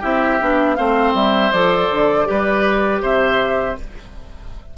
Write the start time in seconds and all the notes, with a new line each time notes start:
0.00 C4 E4 G4 E5
0.41 B3 D4
0.75 A3 C4 C5 F5
1.14 G3 E5
1.52 F3 A4 D5
1.90 D3
2.25 G3 G4 B4
3.02 C3 C5 E5